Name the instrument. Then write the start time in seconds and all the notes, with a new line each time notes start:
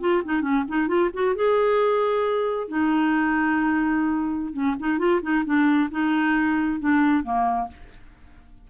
clarinet
0.00 F4
0.24 D#4
0.41 C#4
0.68 D#4
0.87 F4
1.13 F#4
1.35 G#4
2.68 D#4
4.53 C#4
4.79 D#4
4.98 F4
5.22 D#4
5.45 D4
5.91 D#4
6.79 D4
7.23 A#3